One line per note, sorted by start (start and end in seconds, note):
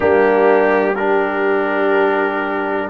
0.00 2.89 G3
0.00 0.93 A#3
0.00 0.96 D4
0.00 0.95 G4
0.95 2.89 D4
0.95 2.89 G4
0.95 2.88 A#4